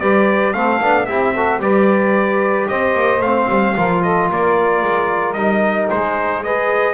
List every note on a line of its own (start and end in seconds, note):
0.00 0.54 G3
0.00 0.54 G4
0.00 0.55 B4
0.00 0.53 D5
0.53 0.81 A3
0.53 0.81 C4
0.53 1.07 A4
0.53 1.06 F5
0.81 1.08 B3
0.81 1.08 D4
1.06 1.59 C4
1.06 1.35 E4
1.06 1.34 G4
1.06 1.60 E5
1.34 1.60 F#4
1.34 1.60 A4
1.59 2.67 G3
1.59 3.21 G4
1.59 2.69 B4
1.59 2.68 D5
2.68 2.94 C4
2.68 3.76 C5
2.68 3.22 D#5
2.94 3.20 A#3
3.20 3.46 A3
3.20 3.77 C4
3.20 4.02 F5
3.49 3.75 G3
3.76 4.30 F3
3.76 5.36 F4
3.76 4.02 A#4
4.02 4.29 A4
4.02 4.29 D#5
4.29 4.82 A#3
4.29 5.89 A#4
4.29 5.33 D5
4.82 5.35 G#3
5.33 5.88 G3
5.33 6.43 D#4
5.33 5.86 D#5
5.89 6.94 G#3
5.89 6.43 G#4
5.89 6.43 C5
6.43 6.94 G#4
6.43 6.94 B4
6.43 6.94 D#5